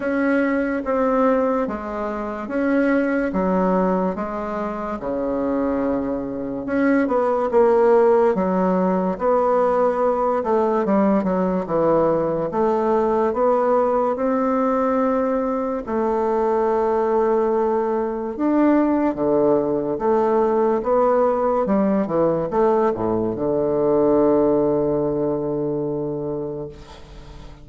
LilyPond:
\new Staff \with { instrumentName = "bassoon" } { \time 4/4 \tempo 4 = 72 cis'4 c'4 gis4 cis'4 | fis4 gis4 cis2 | cis'8 b8 ais4 fis4 b4~ | b8 a8 g8 fis8 e4 a4 |
b4 c'2 a4~ | a2 d'4 d4 | a4 b4 g8 e8 a8 a,8 | d1 | }